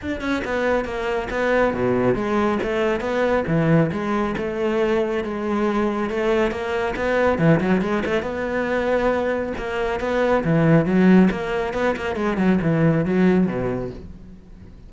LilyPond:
\new Staff \with { instrumentName = "cello" } { \time 4/4 \tempo 4 = 138 d'8 cis'8 b4 ais4 b4 | b,4 gis4 a4 b4 | e4 gis4 a2 | gis2 a4 ais4 |
b4 e8 fis8 gis8 a8 b4~ | b2 ais4 b4 | e4 fis4 ais4 b8 ais8 | gis8 fis8 e4 fis4 b,4 | }